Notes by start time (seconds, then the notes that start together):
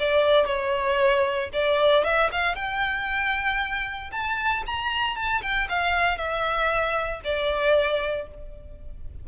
0.00 D5
0.47 C#5
1.54 D5
2.05 E5
2.32 F5
2.56 G5
4.12 A5
4.67 A#5
5.17 A5
5.43 G5
5.69 F5
6.18 E5
7.25 D5